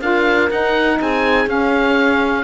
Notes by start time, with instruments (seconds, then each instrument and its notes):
0.00 cello D4, saxophone F4, horn A#4, oboe F5
0.50 cello D#4, saxophone D#4, oboe F#5
1.01 cello C4, horn G#4, oboe G#5
1.46 cello C#4, saxophone C#4, oboe F5